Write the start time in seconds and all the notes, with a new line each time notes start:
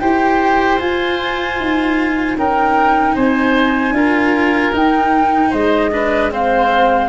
0.00 E4 G4 C5 G5
0.79 F4 G#5
1.60 D#4
2.37 C#4 D#4 A#4 G5
3.15 C4 C5 G#5
3.91 D4 F4 A#4
4.73 D#4 G5
5.50 G#3 C5 D#5
5.92 D4 B4
6.31 C4 C5 F5